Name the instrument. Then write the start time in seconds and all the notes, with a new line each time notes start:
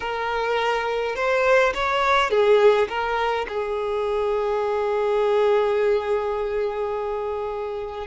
violin
0.00 A#4
1.15 C5
1.74 C#5
2.30 G#4
2.88 A#4
3.48 G#4